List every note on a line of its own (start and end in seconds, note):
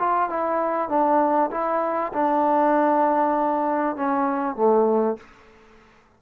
0.00 0.30 F4
0.30 0.89 E4
0.89 1.51 D4
1.51 2.13 E4
2.13 3.97 D4
3.97 4.56 C#4
4.56 5.17 A3